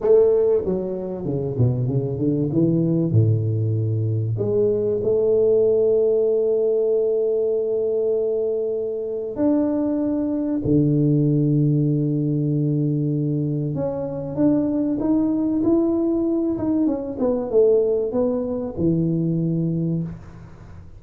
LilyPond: \new Staff \with { instrumentName = "tuba" } { \time 4/4 \tempo 4 = 96 a4 fis4 cis8 b,8 cis8 d8 | e4 a,2 gis4 | a1~ | a2. d'4~ |
d'4 d2.~ | d2 cis'4 d'4 | dis'4 e'4. dis'8 cis'8 b8 | a4 b4 e2 | }